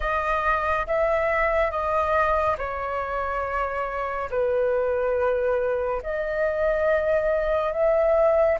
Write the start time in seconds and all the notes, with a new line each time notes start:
0.00 D#5
0.86 E5
1.70 D#5
2.58 C#5
4.30 B4
6.02 D#5
7.72 E5